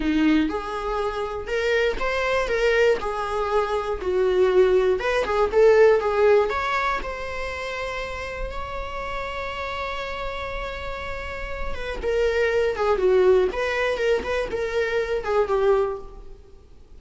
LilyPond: \new Staff \with { instrumentName = "viola" } { \time 4/4 \tempo 4 = 120 dis'4 gis'2 ais'4 | c''4 ais'4 gis'2 | fis'2 b'8 gis'8 a'4 | gis'4 cis''4 c''2~ |
c''4 cis''2.~ | cis''2.~ cis''8 b'8 | ais'4. gis'8 fis'4 b'4 | ais'8 b'8 ais'4. gis'8 g'4 | }